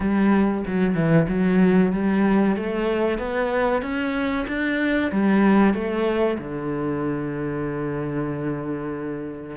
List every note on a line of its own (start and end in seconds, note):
0.00 0.64 G3
0.66 0.95 F#3
0.95 1.26 E3
1.28 1.92 F#3
1.92 2.56 G3
2.56 3.18 A3
3.18 3.82 B3
3.82 4.46 C#4
4.47 5.11 D4
5.11 5.74 G3
5.74 6.37 A3
6.38 9.56 D3